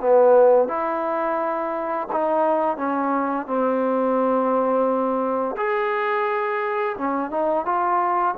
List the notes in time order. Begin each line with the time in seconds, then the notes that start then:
0.00 B3
0.68 E4
2.12 D#4
2.77 C#4
3.46 C4
5.57 G#4
6.97 C#4
7.30 D#4
7.65 F4